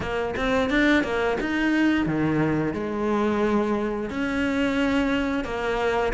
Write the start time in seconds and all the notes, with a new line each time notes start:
0.00 A#3
0.36 C4
0.69 D4
1.03 A#3
1.40 D#4
2.06 D#3
2.73 G#3
4.09 C#4
5.44 A#3